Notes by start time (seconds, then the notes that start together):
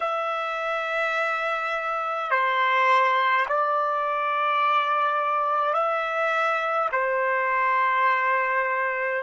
0.00 E5
2.30 C5
3.48 D5
5.73 E5
6.92 C5